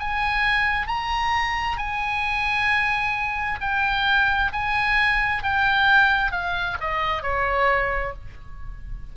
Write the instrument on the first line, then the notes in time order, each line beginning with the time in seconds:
oboe
0.00 G#5
0.87 A#5
1.77 G#5
3.61 G5
4.52 G#5
5.43 G5
6.32 F5
6.81 D#5
7.23 C#5